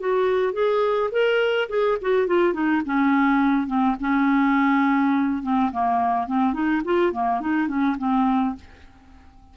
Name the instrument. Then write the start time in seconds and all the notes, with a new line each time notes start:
clarinet
0.00 F#4
0.53 G#4
1.12 A#4
1.69 G#4
2.02 F#4
2.27 F4
2.54 D#4
2.86 C#4
3.67 C4
4.01 C#4
5.43 C4
5.72 A#3
6.27 C4
6.53 D#4
6.85 F4
7.13 A#3
7.41 D#4
7.68 C#4
7.98 C4